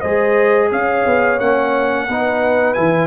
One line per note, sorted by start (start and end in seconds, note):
0.00 0.71 G#3
0.00 1.40 G#4
0.00 0.68 C5
0.00 0.68 D#5
0.71 1.05 C#4
0.71 2.07 C#5
0.71 1.39 F5
1.05 1.39 B3
1.39 2.08 A#3
1.39 2.08 C#4
1.39 2.73 F#5
2.07 2.76 B3
2.07 2.75 D#4
2.07 3.06 B4
2.73 3.06 E3
2.73 3.06 E4
2.73 3.06 G#5